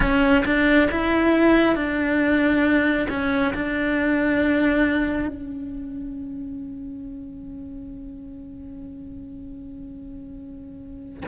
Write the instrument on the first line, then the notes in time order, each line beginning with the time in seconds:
cello
0.00 C#4
0.45 D4
0.91 E4
1.74 D4
3.09 C#4
3.53 D4
5.27 C#4